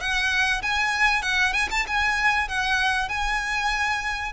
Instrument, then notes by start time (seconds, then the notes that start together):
violin
0.00 F#5
0.62 G#5
1.22 F#5
1.53 G#5
1.70 A5
1.87 G#5
2.48 F#5
3.09 G#5